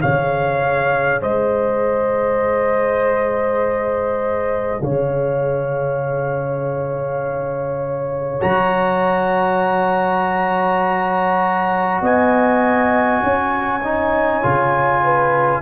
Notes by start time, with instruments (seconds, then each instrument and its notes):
0.00 tuba C#3, trombone G#4, horn C#5, trumpet F5
1.21 tuba G#3, horn C5, trumpet D#5
4.81 tuba C#3, horn C#5, trumpet F5
8.40 tuba F#3, trombone F#4, trumpet A#5
12.01 tuba B3, horn D#5, trumpet G#5
13.22 tuba C#4, horn C#5
13.83 trombone D#4
14.42 tuba C#3, trombone F4
15.03 horn B4